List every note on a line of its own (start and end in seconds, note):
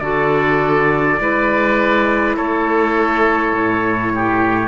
0.00 1.19 D3
0.00 1.19 F#4
0.00 1.20 A4
0.00 2.35 D5
1.19 2.38 G#3
1.19 4.68 E4
1.19 2.37 B4
2.37 3.52 A3
2.37 4.13 A4
2.37 4.68 C#5
3.52 4.68 A2
4.15 4.68 G4